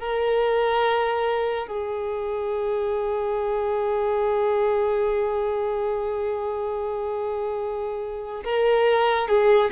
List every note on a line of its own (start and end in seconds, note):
0.00 1.67 A#4
1.67 8.44 G#4
8.45 9.28 A#4
9.28 9.71 G#4